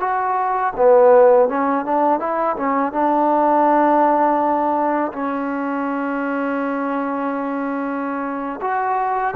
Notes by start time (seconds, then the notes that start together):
0.00 F#4
0.76 B3
1.49 C#4
1.85 D4
2.19 E4
2.56 C#4
2.92 D4
5.12 C#4
8.61 F#4